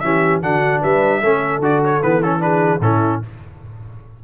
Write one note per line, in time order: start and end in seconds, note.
0.00 0.42 E3
0.00 0.42 C#4
0.00 0.43 G4
0.00 0.40 E5
0.42 0.82 D3
0.42 1.22 D4
0.42 0.81 F#4
0.42 0.83 F#5
0.81 1.23 G3
0.81 1.20 B4
0.81 1.63 E5
1.20 1.60 A3
1.20 1.62 C#4
1.20 2.40 A4
1.60 2.00 D3
1.60 2.02 F#4
1.60 1.84 D5
1.85 2.02 C#5
2.02 2.80 E3
2.02 2.22 B3
2.02 2.23 B4
2.23 2.40 C#4
2.23 2.42 A4
2.40 2.80 D4
2.40 2.83 G#4
2.40 2.82 B4
2.80 3.20 A2
2.80 3.23 C#4
2.80 3.24 E4
2.80 3.22 A4